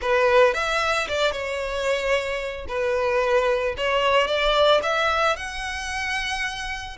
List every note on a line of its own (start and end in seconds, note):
0.01 0.54 B4
0.54 1.07 E5
1.08 1.31 D5
1.31 2.65 C#5
2.68 3.75 B4
3.77 4.27 C#5
4.27 4.80 D5
4.82 5.36 E5
5.36 6.97 F#5